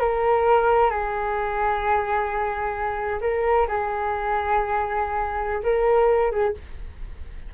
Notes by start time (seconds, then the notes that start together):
0.00 A#4
0.90 G#4
3.21 A#4
3.68 G#4
5.63 A#4
6.31 G#4